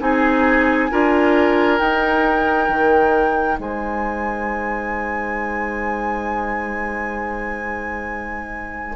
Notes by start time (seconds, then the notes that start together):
0.00 C4 D#4 G#4 G#5
0.90 D4 F4 A#4
1.78 D#4 G5
2.69 D#3
3.58 G#3 C5 G#5